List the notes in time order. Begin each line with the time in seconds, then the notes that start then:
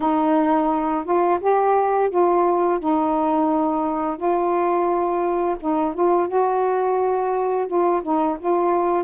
0.00 D#4
1.04 F4
1.40 G4
2.10 F4
2.79 D#4
4.16 F4
5.60 D#4
5.94 F4
6.28 F#4
7.67 F4
8.02 D#4
8.39 F4